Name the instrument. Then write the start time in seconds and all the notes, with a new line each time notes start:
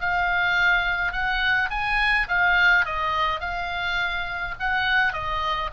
oboe
0.00 F5
1.12 F#5
1.70 G#5
2.28 F5
2.85 D#5
3.40 F5
4.59 F#5
5.13 D#5